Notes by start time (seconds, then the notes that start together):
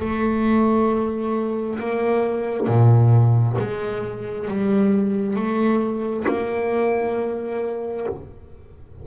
0.00 A3
1.80 A#3
2.67 A#2
3.59 G#3
4.48 G3
5.36 A3
6.27 A#3